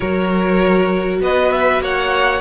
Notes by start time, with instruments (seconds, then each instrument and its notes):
0.00 cello F#3, viola F#4, violin A#4 C#5
1.20 cello B3, violin B4 D#5
1.51 violin E5
1.79 cello A#3, violin C#5 F#5